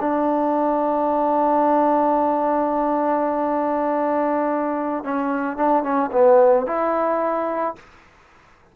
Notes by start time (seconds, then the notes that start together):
0.00 D4
5.04 C#4
5.57 D4
5.83 C#4
6.12 B3
6.66 E4